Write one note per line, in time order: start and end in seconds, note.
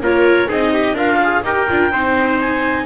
0.00 0.47 A#3
0.00 0.48 F4
0.00 0.48 A#4
0.00 0.51 C#5
0.48 0.93 C4
0.48 0.95 D#4
0.48 0.71 G#4
0.48 0.96 D#5
0.73 0.96 G4
0.93 1.40 D4
0.93 1.44 F4
0.93 1.18 A#4
0.93 1.44 F5
1.23 1.44 G#4
1.43 1.67 D#4
1.43 1.68 G4
1.43 1.92 A#4
1.43 2.39 G5
1.68 1.91 D4
1.68 1.92 F4
1.91 2.85 C4
1.91 2.85 D#4
1.91 2.85 C5
2.39 2.85 G#5